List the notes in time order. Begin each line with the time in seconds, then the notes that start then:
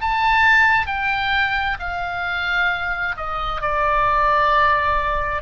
0.00 A5
0.86 G5
1.79 F5
3.16 D#5
3.61 D5